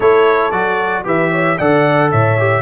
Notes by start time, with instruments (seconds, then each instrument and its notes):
0.00 tuba A3, trombone E4, horn A4, trumpet C#5
0.51 tuba F#3, trombone F#4, trumpet D5
1.04 tuba E3, trombone G4, horn B4, trumpet E5
1.31 horn C#5
1.58 tuba D3, trombone A4, horn D5, trumpet F#5
2.11 tuba A2, horn C#5, trumpet E5
2.38 trombone G4